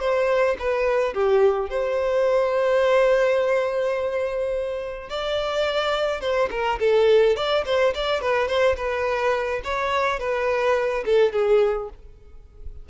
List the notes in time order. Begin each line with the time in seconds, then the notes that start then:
0.00 C5
0.59 B4
1.14 G4
1.70 C5
5.10 D5
6.21 C5
6.51 A#4
6.80 A4
7.37 D5
7.66 C5
7.95 D5
8.21 B4
8.48 C5
8.77 B4
9.64 C#5
10.20 B4
11.06 A4
11.33 G#4